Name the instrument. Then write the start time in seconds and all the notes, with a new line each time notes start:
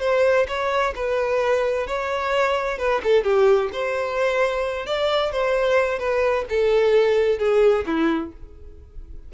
violin
0.00 C5
0.47 C#5
0.95 B4
1.87 C#5
2.78 B4
3.03 A4
3.23 G4
3.72 C5
4.86 D5
5.32 C5
5.99 B4
6.49 A4
7.38 G#4
7.86 E4